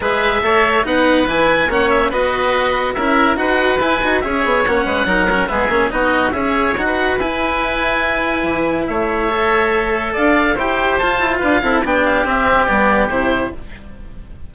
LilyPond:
<<
  \new Staff \with { instrumentName = "oboe" } { \time 4/4 \tempo 4 = 142 e''2 fis''4 gis''4 | fis''8 e''8 dis''2 e''4 | fis''4 gis''4 e''4 fis''4~ | fis''4 e''4 dis''4 e''4 |
fis''4 gis''2.~ | gis''4 e''2. | f''4 g''4 a''4 f''4 | g''8 f''8 e''4 d''4 c''4 | }
  \new Staff \with { instrumentName = "oboe" } { \time 4/4 b'4 cis''4 b'2 | cis''4 b'2 ais'4 | b'2 cis''4. b'8 | ais'4 gis'4 fis'4 cis''4~ |
cis''16 b'2.~ b'8.~ | b'4 cis''2. | d''4 c''2 b'8 a'8 | g'1 | }
  \new Staff \with { instrumentName = "cello" } { \time 4/4 gis'4 a'4 dis'4 e'4 | cis'4 fis'2 e'4 | fis'4 e'8 fis'8 gis'4 cis'4 | dis'8 cis'8 b8 cis'8 dis'4 gis'4 |
fis'4 e'2.~ | e'2 a'2~ | a'4 g'4 f'4. e'8 | d'4 c'4 b4 e'4 | }
  \new Staff \with { instrumentName = "bassoon" } { \time 4/4 gis4 a4 b4 e4 | ais4 b2 cis'4 | dis'4 e'8 dis'8 cis'8 b8 ais8 gis8 | fis4 gis8 ais8 b4 cis'4 |
dis'4 e'2. | e4 a2. | d'4 e'4 f'8 e'8 d'8 c'8 | b4 c'4 g4 c4 | }
>>